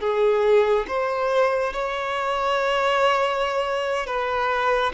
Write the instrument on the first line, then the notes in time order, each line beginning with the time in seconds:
violin
0.00 G#4
0.88 C5
1.73 C#5
4.06 B4